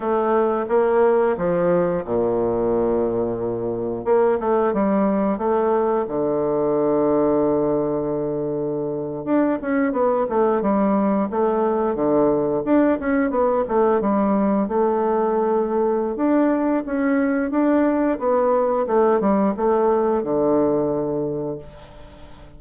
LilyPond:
\new Staff \with { instrumentName = "bassoon" } { \time 4/4 \tempo 4 = 89 a4 ais4 f4 ais,4~ | ais,2 ais8 a8 g4 | a4 d2.~ | d4.~ d16 d'8 cis'8 b8 a8 g16~ |
g8. a4 d4 d'8 cis'8 b16~ | b16 a8 g4 a2~ a16 | d'4 cis'4 d'4 b4 | a8 g8 a4 d2 | }